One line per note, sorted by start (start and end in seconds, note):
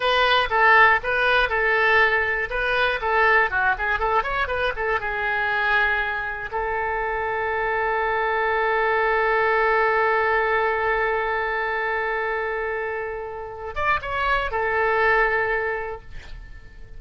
0.00 0.48 B4
0.50 1.00 A4
1.03 1.49 B4
1.49 2.49 A4
2.50 3.00 B4
3.01 3.50 A4
3.50 3.75 F#4
3.78 3.99 G#4
3.99 4.23 A4
4.23 4.47 C#5
4.47 4.72 B4
4.76 5.00 A4
5.00 6.50 G#4
6.51 13.75 A4
13.75 14.00 D5
14.01 14.51 C#5
14.51 16.01 A4